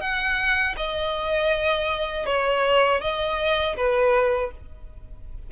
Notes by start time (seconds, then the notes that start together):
0.00 F#5
0.77 D#5
2.26 C#5
3.00 D#5
3.76 B4